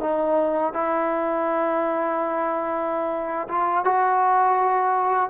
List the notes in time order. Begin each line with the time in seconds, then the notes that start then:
0.00 D#4
0.74 E4
3.48 F4
3.84 F#4